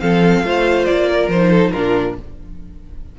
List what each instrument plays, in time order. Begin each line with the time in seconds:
0.00 cello F3, viola C4, violin A4 F5
0.43 cello A3, viola F4, violin C5
0.85 cello A#3, violin D5
1.08 violin A#4
1.28 cello F3, violin C5
1.35 viola D#4
1.50 violin A4
1.72 cello A#2, viola D4, violin F4 A#4